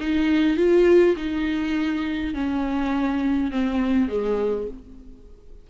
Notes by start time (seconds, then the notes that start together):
0.00 D#4
0.57 F4
1.17 D#4
2.34 C#4
3.51 C4
4.09 G#3